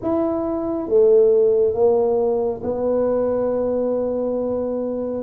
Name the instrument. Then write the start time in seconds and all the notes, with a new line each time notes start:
tuba
0.02 E4
0.88 A3
1.74 A#3
2.62 B3